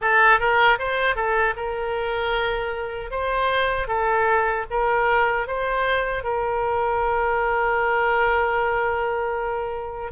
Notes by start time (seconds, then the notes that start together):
0.01 A4
0.39 A#4
0.78 C5
1.15 A4
1.56 A#4
3.11 C5
3.87 A4
4.70 A#4
5.47 C5
6.23 A#4